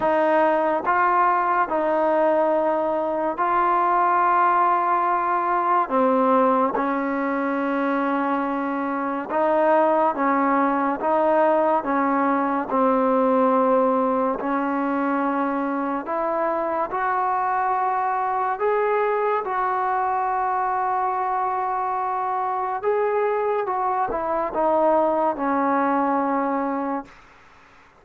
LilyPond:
\new Staff \with { instrumentName = "trombone" } { \time 4/4 \tempo 4 = 71 dis'4 f'4 dis'2 | f'2. c'4 | cis'2. dis'4 | cis'4 dis'4 cis'4 c'4~ |
c'4 cis'2 e'4 | fis'2 gis'4 fis'4~ | fis'2. gis'4 | fis'8 e'8 dis'4 cis'2 | }